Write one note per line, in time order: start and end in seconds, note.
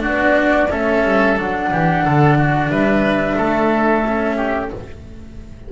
0.00 0.67 D4
0.00 0.69 F#4
0.00 0.72 D5
0.07 0.72 B3
0.70 1.04 A3
0.70 1.37 C#4
0.70 1.70 A4
0.70 1.38 E5
1.04 1.37 G3
1.37 1.72 F#3
1.37 4.04 D4
1.37 2.70 F#5
1.72 2.05 E3
1.72 2.05 G4
2.05 2.70 D3
2.05 2.38 A4
2.39 2.71 F#4
2.70 3.36 G3
2.70 3.37 B4
2.70 4.70 E5
3.37 4.71 A3
3.37 4.37 A4
4.06 4.73 C#4
4.37 4.70 G4